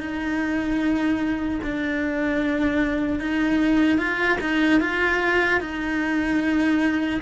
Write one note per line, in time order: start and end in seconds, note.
0.00 1.60 D#4
1.63 3.19 D4
3.19 3.98 D#4
3.98 4.38 F4
4.41 4.80 D#4
4.80 5.60 F4
5.60 7.20 D#4